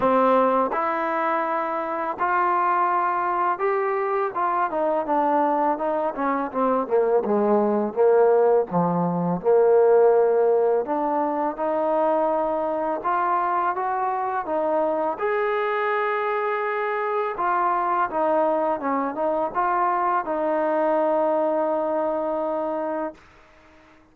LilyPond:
\new Staff \with { instrumentName = "trombone" } { \time 4/4 \tempo 4 = 83 c'4 e'2 f'4~ | f'4 g'4 f'8 dis'8 d'4 | dis'8 cis'8 c'8 ais8 gis4 ais4 | f4 ais2 d'4 |
dis'2 f'4 fis'4 | dis'4 gis'2. | f'4 dis'4 cis'8 dis'8 f'4 | dis'1 | }